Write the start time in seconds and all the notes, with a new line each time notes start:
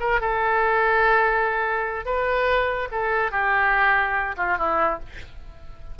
0.00 A#4
0.21 A4
2.06 B4
2.92 A4
3.32 G4
4.37 F4
4.58 E4